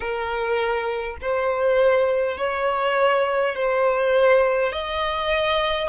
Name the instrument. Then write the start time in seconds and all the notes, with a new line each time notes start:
violin
0.00 A#4
1.21 C5
2.37 C#5
3.55 C5
4.72 D#5